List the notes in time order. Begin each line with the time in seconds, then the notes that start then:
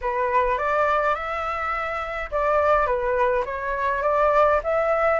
0.01 B4
0.57 D5
1.14 E5
2.31 D5
2.86 B4
3.45 C#5
4.02 D5
4.63 E5